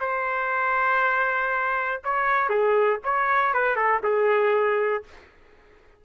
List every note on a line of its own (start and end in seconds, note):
0.00 2.02 C5
2.04 2.49 C#5
2.49 3.00 G#4
3.04 3.54 C#5
3.54 3.76 B4
3.76 4.01 A4
4.03 5.04 G#4